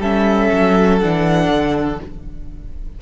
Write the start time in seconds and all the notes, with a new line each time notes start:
0.00 G3 C#4 A4 E5
0.53 F#3
1.00 E3 D4 F#5
1.50 D3